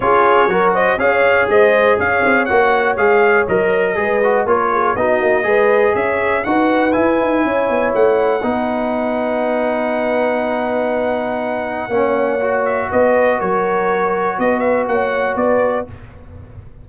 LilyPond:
<<
  \new Staff \with { instrumentName = "trumpet" } { \time 4/4 \tempo 4 = 121 cis''4. dis''8 f''4 dis''4 | f''4 fis''4 f''4 dis''4~ | dis''4 cis''4 dis''2 | e''4 fis''4 gis''2 |
fis''1~ | fis''1~ | fis''4. e''8 dis''4 cis''4~ | cis''4 dis''8 e''8 fis''4 d''4 | }
  \new Staff \with { instrumentName = "horn" } { \time 4/4 gis'4 ais'8 c''8 cis''4 c''4 | cis''1 | b'4 ais'8 gis'8 fis'4 b'4 | cis''4 b'2 cis''4~ |
cis''4 b'2.~ | b'1 | cis''2 b'4 ais'4~ | ais'4 b'4 cis''4 b'4 | }
  \new Staff \with { instrumentName = "trombone" } { \time 4/4 f'4 fis'4 gis'2~ | gis'4 fis'4 gis'4 ais'4 | gis'8 fis'8 f'4 dis'4 gis'4~ | gis'4 fis'4 e'2~ |
e'4 dis'2.~ | dis'1 | cis'4 fis'2.~ | fis'1 | }
  \new Staff \with { instrumentName = "tuba" } { \time 4/4 cis'4 fis4 cis'4 gis4 | cis'8 c'8 ais4 gis4 fis4 | gis4 ais4 b8 ais8 gis4 | cis'4 dis'4 e'8 dis'8 cis'8 b8 |
a4 b2.~ | b1 | ais2 b4 fis4~ | fis4 b4 ais4 b4 | }
>>